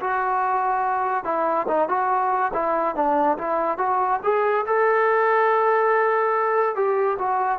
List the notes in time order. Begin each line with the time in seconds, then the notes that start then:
0.00 F#4
1.24 E4
1.68 D#4
1.89 F#4
2.54 E4
2.95 D4
3.38 E4
3.78 F#4
4.23 G#4
4.66 A4
6.75 G4
7.18 F#4